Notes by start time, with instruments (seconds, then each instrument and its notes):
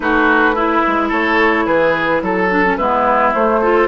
0.00 bassoon A3, clarinet D#4, oboe F#4, flute B4
0.55 oboe E4, clarinet E4
0.87 bassoon G#3
1.08 bassoon A3, oboe A4, flute C#5
1.66 bassoon E3, oboe G#4, flute B4
2.21 bassoon F#3, oboe A4, flute A4
2.50 clarinet D4
2.64 clarinet C#4
2.77 bassoon G#3, clarinet B3, oboe E4, flute B4
3.34 bassoon A3, clarinet A3, flute C5
3.61 clarinet F4, oboe A4